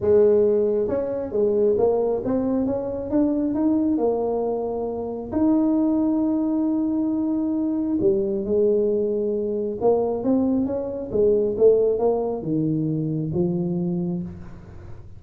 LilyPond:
\new Staff \with { instrumentName = "tuba" } { \time 4/4 \tempo 4 = 135 gis2 cis'4 gis4 | ais4 c'4 cis'4 d'4 | dis'4 ais2. | dis'1~ |
dis'2 g4 gis4~ | gis2 ais4 c'4 | cis'4 gis4 a4 ais4 | dis2 f2 | }